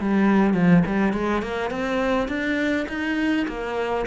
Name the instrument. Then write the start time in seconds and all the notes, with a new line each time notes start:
cello
0.00 G3
0.54 F3
0.86 G3
1.13 G#3
1.42 A#3
1.71 C4
2.28 D4
2.88 D#4
3.48 A#3